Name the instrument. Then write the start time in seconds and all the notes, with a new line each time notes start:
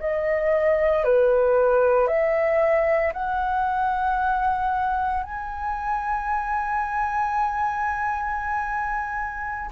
flute
0.00 D#5
1.04 B4
2.07 E5
3.13 F#5
5.23 G#5